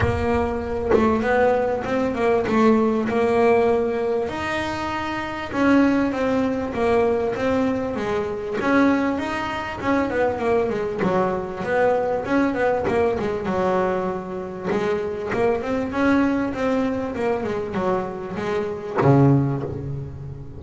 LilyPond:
\new Staff \with { instrumentName = "double bass" } { \time 4/4 \tempo 4 = 98 ais4. a8 b4 c'8 ais8 | a4 ais2 dis'4~ | dis'4 cis'4 c'4 ais4 | c'4 gis4 cis'4 dis'4 |
cis'8 b8 ais8 gis8 fis4 b4 | cis'8 b8 ais8 gis8 fis2 | gis4 ais8 c'8 cis'4 c'4 | ais8 gis8 fis4 gis4 cis4 | }